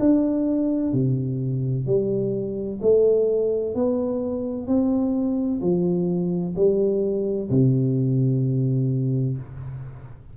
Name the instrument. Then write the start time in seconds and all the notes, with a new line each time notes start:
tuba
0.00 D4
0.93 C3
1.87 G3
2.82 A3
3.75 B3
4.67 C4
5.62 F3
6.56 G3
7.50 C3